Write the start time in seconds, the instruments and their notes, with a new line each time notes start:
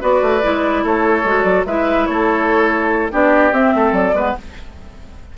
0.00 bassoon B3, clarinet F#4, oboe B4, flute D5
0.22 bassoon A3
0.42 bassoon G#3, clarinet E4
0.84 bassoon A3, oboe A4, flute C#5
1.24 bassoon G#3, clarinet F#4
1.43 bassoon F#3, flute D5
1.66 bassoon G#3, clarinet E4, oboe B4, flute E5
2.06 bassoon A3, oboe A4, flute C#5
3.11 bassoon B3, clarinet D4, oboe G4, flute D5
3.52 bassoon C4, clarinet C4, flute E5
3.75 bassoon A3, oboe A4
3.92 bassoon F#3, flute D5
4.13 bassoon G#3, clarinet B3, oboe B4